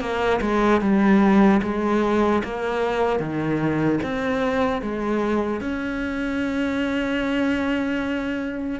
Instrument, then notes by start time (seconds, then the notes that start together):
cello
0.00 A#3
0.41 G#3
0.81 G3
1.63 G#3
2.44 A#3
3.19 D#3
4.03 C4
4.81 G#3
5.60 C#4